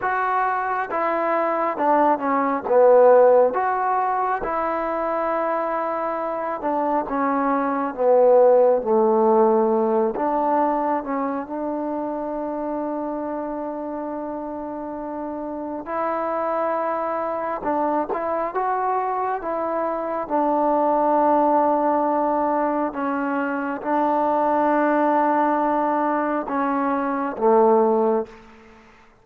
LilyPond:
\new Staff \with { instrumentName = "trombone" } { \time 4/4 \tempo 4 = 68 fis'4 e'4 d'8 cis'8 b4 | fis'4 e'2~ e'8 d'8 | cis'4 b4 a4. d'8~ | d'8 cis'8 d'2.~ |
d'2 e'2 | d'8 e'8 fis'4 e'4 d'4~ | d'2 cis'4 d'4~ | d'2 cis'4 a4 | }